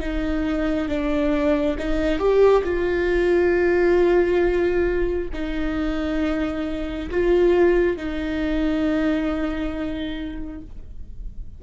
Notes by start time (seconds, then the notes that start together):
0.00 D#4
0.88 D4
1.78 D#4
2.19 G4
2.64 F4
5.33 D#4
7.10 F4
7.97 D#4